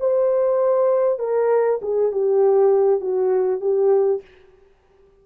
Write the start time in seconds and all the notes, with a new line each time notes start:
0.00 C5
1.19 A#4
1.82 G#4
2.12 G4
3.01 F#4
3.61 G4